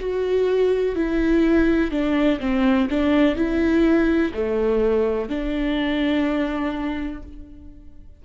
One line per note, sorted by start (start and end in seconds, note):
0.00 0.95 F#4
0.95 1.91 E4
1.91 2.40 D4
2.40 2.89 C4
2.90 3.36 D4
3.36 4.32 E4
4.34 5.29 A3
5.29 7.23 D4